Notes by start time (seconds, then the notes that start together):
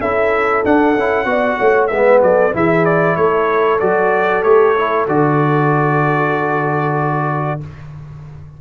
0.00 C#4 E4 A4 E5
0.64 D4 F#5
0.97 C#4 E4
1.25 B3 F#4 D5
1.59 A3 C#5
1.87 G#3 B3 B4 E5
2.22 F#3 A4 D5
2.53 E3 E4 G#4 E5
2.85 D5
3.16 A3 A4 C#5
3.80 F#3 F#4 D5
4.42 A3 G4 C#5
4.77 E4
5.07 D3 F#4 D5